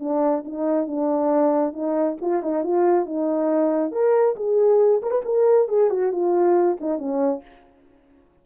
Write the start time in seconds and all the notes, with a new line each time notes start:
0.00 D4
0.45 D#4
0.88 D4
1.73 D#4
2.22 F4
2.43 D#4
2.64 F4
3.06 D#4
3.92 A#4
4.36 G#4
5.02 A#4
5.11 B4
5.25 A#4
5.69 G#4
5.90 F#4
6.12 F4
6.81 D#4
6.99 C#4